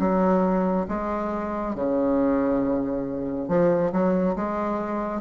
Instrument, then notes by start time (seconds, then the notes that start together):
bassoon
0.00 F#3
0.89 G#3
1.75 C#3
3.49 F3
3.92 F#3
4.36 G#3